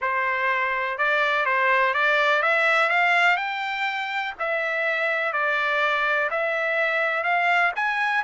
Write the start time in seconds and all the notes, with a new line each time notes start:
0.01 C5
0.98 D5
1.45 C5
1.94 D5
2.42 E5
2.89 F5
3.36 G5
4.39 E5
5.32 D5
6.30 E5
7.23 F5
7.75 G#5